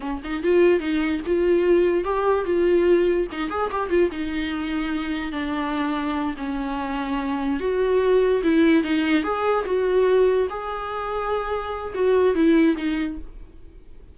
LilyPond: \new Staff \with { instrumentName = "viola" } { \time 4/4 \tempo 4 = 146 cis'8 dis'8 f'4 dis'4 f'4~ | f'4 g'4 f'2 | dis'8 gis'8 g'8 f'8 dis'2~ | dis'4 d'2~ d'8 cis'8~ |
cis'2~ cis'8 fis'4.~ | fis'8 e'4 dis'4 gis'4 fis'8~ | fis'4. gis'2~ gis'8~ | gis'4 fis'4 e'4 dis'4 | }